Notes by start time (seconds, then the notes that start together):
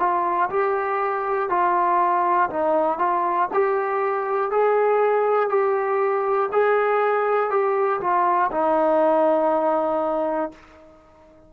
0.00 F4
0.50 G4
1.50 F4
2.50 D#4
2.99 F4
3.54 G4
4.51 G#4
5.50 G4
6.53 G#4
7.50 G4
8.01 F4
8.52 D#4